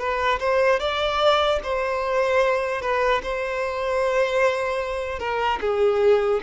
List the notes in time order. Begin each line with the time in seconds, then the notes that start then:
0.00 B4
0.40 C5
0.80 D5
1.64 C5
2.82 B4
3.23 C5
5.20 A#4
5.61 G#4